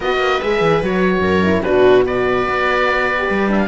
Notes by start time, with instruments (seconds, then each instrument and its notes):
0.00 cello B3, horn F#4, viola B4, oboe D#5
0.18 cello A#3
0.40 cello G#3, horn G#4, oboe E5
0.61 cello E3
0.82 cello F#3, horn F#4, oboe C#5
1.19 cello F#2, viola A#4
1.43 horn E4
1.62 cello B2, horn D4, viola F#4, oboe B4
2.02 horn F#4, viola B4, oboe D5
2.48 cello B3
3.18 horn G4
3.29 cello G3
3.48 horn D4, oboe E5
3.57 oboe F5